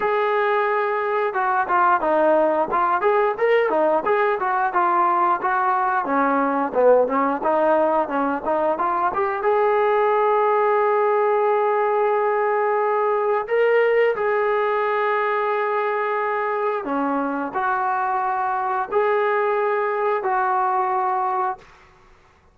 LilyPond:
\new Staff \with { instrumentName = "trombone" } { \time 4/4 \tempo 4 = 89 gis'2 fis'8 f'8 dis'4 | f'8 gis'8 ais'8 dis'8 gis'8 fis'8 f'4 | fis'4 cis'4 b8 cis'8 dis'4 | cis'8 dis'8 f'8 g'8 gis'2~ |
gis'1 | ais'4 gis'2.~ | gis'4 cis'4 fis'2 | gis'2 fis'2 | }